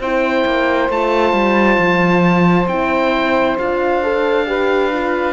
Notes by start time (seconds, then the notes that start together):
0.00 C4 E4 C5 G5
0.46 A#3
0.90 A3 F4 A5
1.33 G3
1.79 F3
2.68 C4 E4 G5
3.59 D4 F4 F5
4.04 A4
4.47 G4 B4
4.93 F4